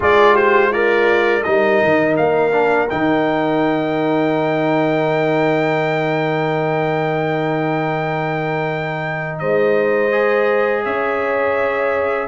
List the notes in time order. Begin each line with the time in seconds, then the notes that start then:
0.00 G#3 F4 G#4 D5
0.33 G4 C5
0.70 F4 A#4 D5
1.43 G3 D#4 A#4 D#5
1.83 D#3
2.16 A#3 F5
2.51 D4
2.89 D#3 D#4 G5
9.38 G#3 C5 D#5
10.11 G#4
10.84 C#4 C#5 E5